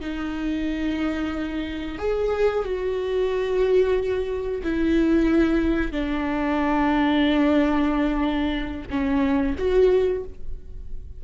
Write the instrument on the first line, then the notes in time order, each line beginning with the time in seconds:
viola
0.00 D#4
1.98 G#4
2.64 F#4
4.63 E4
5.92 D4
8.90 C#4
9.58 F#4